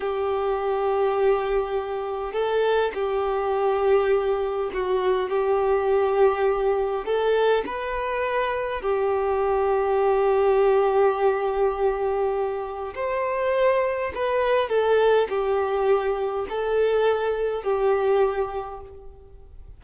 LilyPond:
\new Staff \with { instrumentName = "violin" } { \time 4/4 \tempo 4 = 102 g'1 | a'4 g'2. | fis'4 g'2. | a'4 b'2 g'4~ |
g'1~ | g'2 c''2 | b'4 a'4 g'2 | a'2 g'2 | }